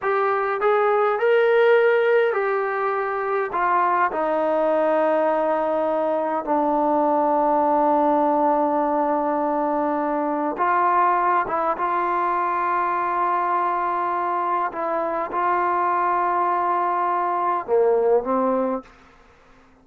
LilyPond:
\new Staff \with { instrumentName = "trombone" } { \time 4/4 \tempo 4 = 102 g'4 gis'4 ais'2 | g'2 f'4 dis'4~ | dis'2. d'4~ | d'1~ |
d'2 f'4. e'8 | f'1~ | f'4 e'4 f'2~ | f'2 ais4 c'4 | }